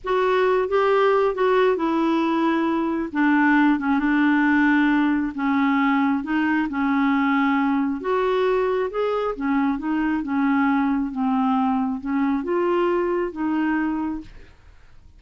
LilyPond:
\new Staff \with { instrumentName = "clarinet" } { \time 4/4 \tempo 4 = 135 fis'4. g'4. fis'4 | e'2. d'4~ | d'8 cis'8 d'2. | cis'2 dis'4 cis'4~ |
cis'2 fis'2 | gis'4 cis'4 dis'4 cis'4~ | cis'4 c'2 cis'4 | f'2 dis'2 | }